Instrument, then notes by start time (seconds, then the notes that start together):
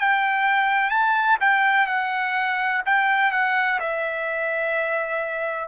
trumpet
0.00 G5
0.90 A5
1.40 G5
1.87 F#5
2.85 G5
3.31 F#5
3.79 E5